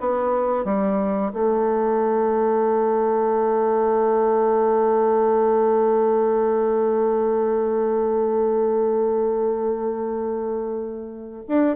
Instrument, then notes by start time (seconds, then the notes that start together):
bassoon
0.00 B3
0.64 G3
1.33 A3
11.48 D4